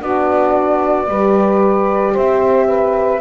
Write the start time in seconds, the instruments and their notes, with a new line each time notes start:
0.00 double bass B3, horn D4, saxophone F#4, flute D5
1.08 double bass G3, horn G4, saxophone B4
2.13 double bass C4, saxophone C5, flute E5
2.67 saxophone B4